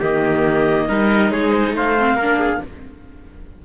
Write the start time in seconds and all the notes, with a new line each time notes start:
0.00 D#3 A#3 G4 D#5
0.89 G3 D#4 A#4
1.32 G#3 G#4 C#5
1.51 C5
1.73 A3 C5 F5
1.98 C4
2.15 A#3 A#4
2.22 D4
2.40 G#4